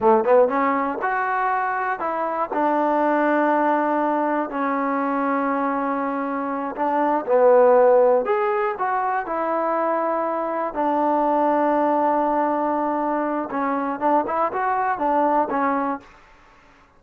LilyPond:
\new Staff \with { instrumentName = "trombone" } { \time 4/4 \tempo 4 = 120 a8 b8 cis'4 fis'2 | e'4 d'2.~ | d'4 cis'2.~ | cis'4. d'4 b4.~ |
b8 gis'4 fis'4 e'4.~ | e'4. d'2~ d'8~ | d'2. cis'4 | d'8 e'8 fis'4 d'4 cis'4 | }